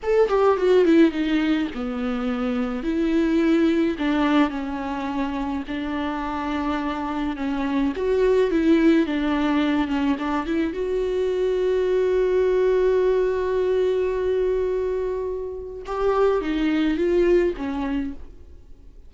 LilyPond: \new Staff \with { instrumentName = "viola" } { \time 4/4 \tempo 4 = 106 a'8 g'8 fis'8 e'8 dis'4 b4~ | b4 e'2 d'4 | cis'2 d'2~ | d'4 cis'4 fis'4 e'4 |
d'4. cis'8 d'8 e'8 fis'4~ | fis'1~ | fis'1 | g'4 dis'4 f'4 cis'4 | }